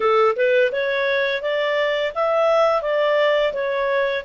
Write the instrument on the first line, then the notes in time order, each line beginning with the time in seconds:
clarinet
0.00 A4
0.36 B4
0.72 C#5
1.41 D5
2.14 E5
2.82 D5
3.53 C#5